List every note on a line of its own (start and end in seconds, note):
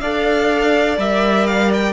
0.00 0.97 D4
0.00 0.99 A4
0.00 1.93 D5
0.00 0.97 F5
0.97 1.93 G3
0.97 1.93 A#4
0.97 1.47 E5
1.47 1.71 F5
1.73 1.93 G5